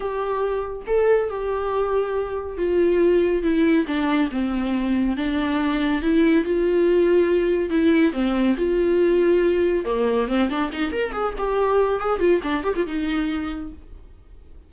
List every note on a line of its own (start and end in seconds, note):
0.00 0.82 G4
0.86 1.29 A4
1.29 2.57 G4
2.57 3.42 F4
3.42 3.85 E4
3.87 4.30 D4
4.31 5.16 C4
5.16 6.02 D4
6.02 6.44 E4
6.44 7.70 F4
7.70 8.13 E4
8.13 8.55 C4
8.57 9.85 F4
9.85 10.27 A#3
10.28 10.49 C4
10.49 10.70 D4
10.72 10.91 D#4
10.91 11.12 A#4
11.12 11.34 G#4
11.38 11.99 G4
11.99 12.19 G#4
12.19 12.41 F4
12.43 12.63 D4
12.63 12.74 G4
12.76 12.86 F4
12.86 13.72 D#4